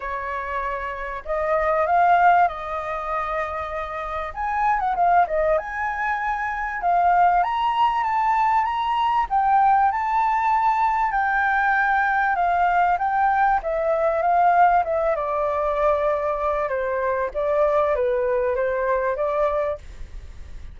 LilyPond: \new Staff \with { instrumentName = "flute" } { \time 4/4 \tempo 4 = 97 cis''2 dis''4 f''4 | dis''2. gis''8. fis''16 | f''8 dis''8 gis''2 f''4 | ais''4 a''4 ais''4 g''4 |
a''2 g''2 | f''4 g''4 e''4 f''4 | e''8 d''2~ d''8 c''4 | d''4 b'4 c''4 d''4 | }